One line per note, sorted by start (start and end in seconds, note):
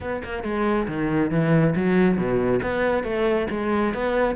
0.00 0.22 B3
0.24 0.43 A#3
0.43 0.87 G#3
0.87 1.30 D#3
1.30 1.74 E3
1.75 2.17 F#3
2.17 2.60 B2
2.63 3.03 B3
3.03 3.47 A3
3.50 3.93 G#3
3.93 4.35 B3